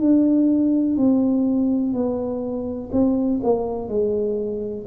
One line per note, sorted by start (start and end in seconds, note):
0.00 0.96 D4
0.96 1.93 C4
1.93 2.89 B3
2.92 3.40 C4
3.43 3.88 A#3
3.88 4.85 G#3